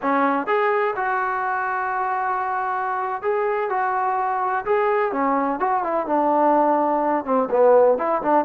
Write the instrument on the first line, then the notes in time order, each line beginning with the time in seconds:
trombone
0.02 C#4
0.46 G#4
0.96 F#4
3.21 G#4
3.69 F#4
4.65 G#4
5.12 C#4
5.59 F#4
5.83 E4
6.06 D4
7.24 C4
7.50 B3
7.97 E4
8.21 D4